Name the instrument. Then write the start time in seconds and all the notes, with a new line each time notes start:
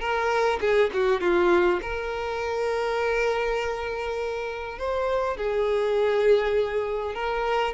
violin
0.00 A#4
0.60 G#4
0.93 F#4
1.21 F4
1.82 A#4
4.78 C5
5.37 G#4
7.15 A#4